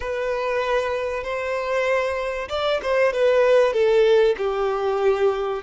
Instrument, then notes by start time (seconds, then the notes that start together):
violin
0.00 B4
1.23 C5
2.49 D5
2.82 C5
3.12 B4
3.73 A4
4.38 G4